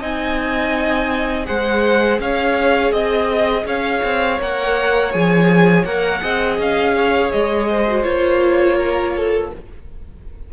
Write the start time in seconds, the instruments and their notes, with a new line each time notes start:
0.00 cello C4, viola D#4, violin D#5 G#5
1.45 cello G#3, viola G#4, violin C5 F#5
2.19 cello C#4, violin C#5 F5
2.91 cello C4, violin D#5
3.65 cello C#4, violin C#5 F5
4.03 cello C4
4.39 cello A#3, viola A#4, violin F#5
5.12 cello F3, viola G#4, violin G#5
5.84 cello A#3, viola A#4, violin F#5
6.20 cello C4, viola G#4, violin D#5
6.58 cello C#4, violin F5
6.96 violin C#5
7.32 cello G#3, violin D#5
7.69 violin C5
7.87 viola F#4
8.03 cello A#3, viola F4, violin C#5
8.77 violin A#4
9.16 violin A4